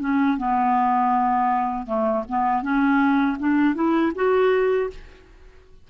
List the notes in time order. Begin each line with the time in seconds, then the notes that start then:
0.00 C#4
0.38 B3
1.86 A3
2.29 B3
2.62 C#4
3.39 D4
3.75 E4
4.15 F#4